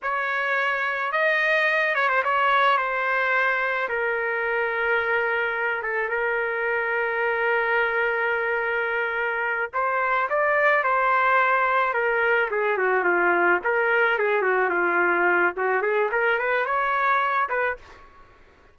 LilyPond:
\new Staff \with { instrumentName = "trumpet" } { \time 4/4 \tempo 4 = 108 cis''2 dis''4. cis''16 c''16 | cis''4 c''2 ais'4~ | ais'2~ ais'8 a'8 ais'4~ | ais'1~ |
ais'4. c''4 d''4 c''8~ | c''4. ais'4 gis'8 fis'8 f'8~ | f'8 ais'4 gis'8 fis'8 f'4. | fis'8 gis'8 ais'8 b'8 cis''4. b'8 | }